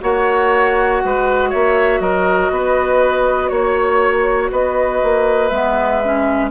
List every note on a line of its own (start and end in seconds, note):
0.00 1.02 A#3
0.00 5.50 F#4
0.00 1.02 C#5
0.00 1.51 F#5
1.04 1.54 G#3
1.04 1.50 B4
1.50 2.00 A#3
1.50 2.00 C#5
1.50 2.01 E5
2.00 2.50 F#3
2.00 2.51 A#4
2.00 3.49 D#5
2.50 3.50 B3
2.50 3.51 B4
3.49 4.50 A#3
3.49 4.49 C#5
3.49 4.51 C#5
4.51 5.01 B3
4.51 6.50 B4
4.51 5.49 D#5
5.03 5.51 A#3
5.49 6.50 G#3
5.49 6.02 B3
5.49 6.49 E5
6.04 6.50 C#4